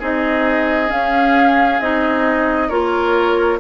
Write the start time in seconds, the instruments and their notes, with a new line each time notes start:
0.00 bassoon C4, clarinet D#4, oboe G#4, flute D#5
0.89 clarinet C#4, bassoon C#4, flute F5
1.81 bassoon C4, clarinet D#4, flute D#5
2.69 bassoon A#3, clarinet F4, oboe A#4, flute C#5